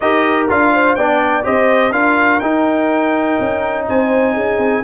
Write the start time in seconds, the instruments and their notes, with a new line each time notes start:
0.00 tuba D#4, trombone G4, horn A#4, trumpet D#5
0.49 tuba D4, trombone F4, trumpet F5
0.73 horn C5
0.95 tuba B3, trombone D4, horn D5, trumpet G5
1.43 tuba C4, trombone G4, horn C5, trumpet D#5
1.91 tuba D4, trombone F4, horn A#4, trumpet F5
2.39 tuba D#4, trombone D#4, trumpet G5
3.40 tuba C#4
3.87 tuba C4, horn C5, trumpet G#5
4.34 tuba C#4, horn G#4
4.57 tuba C4